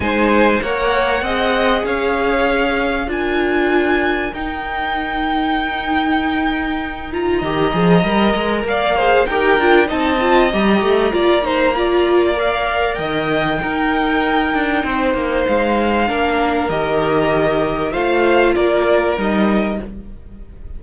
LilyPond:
<<
  \new Staff \with { instrumentName = "violin" } { \time 4/4 \tempo 4 = 97 gis''4 fis''2 f''4~ | f''4 gis''2 g''4~ | g''2.~ g''8 ais''8~ | ais''2 f''4 g''4 |
a''4 ais''2. | f''4 g''2.~ | g''4 f''2 dis''4~ | dis''4 f''4 d''4 dis''4 | }
  \new Staff \with { instrumentName = "violin" } { \time 4/4 c''4 cis''4 dis''4 cis''4~ | cis''4 ais'2.~ | ais'1 | dis''2 d''8 c''8 ais'4 |
dis''2 d''8 c''8 d''4~ | d''4 dis''4 ais'2 | c''2 ais'2~ | ais'4 c''4 ais'2 | }
  \new Staff \with { instrumentName = "viola" } { \time 4/4 dis'4 ais'4 gis'2~ | gis'4 f'2 dis'4~ | dis'2.~ dis'8 f'8 | g'8 gis'8 ais'4. gis'8 g'8 f'8 |
dis'8 f'8 g'4 f'8 dis'8 f'4 | ais'2 dis'2~ | dis'2 d'4 g'4~ | g'4 f'2 dis'4 | }
  \new Staff \with { instrumentName = "cello" } { \time 4/4 gis4 ais4 c'4 cis'4~ | cis'4 d'2 dis'4~ | dis'1 | dis8 f8 g8 gis8 ais4 dis'8 d'8 |
c'4 g8 a8 ais2~ | ais4 dis4 dis'4. d'8 | c'8 ais8 gis4 ais4 dis4~ | dis4 a4 ais4 g4 | }
>>